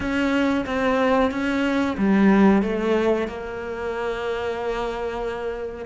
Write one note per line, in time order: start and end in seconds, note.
0.00 0.65 C#4
0.66 1.31 C4
1.31 1.96 C#4
1.97 2.62 G3
2.62 3.27 A3
3.27 5.85 A#3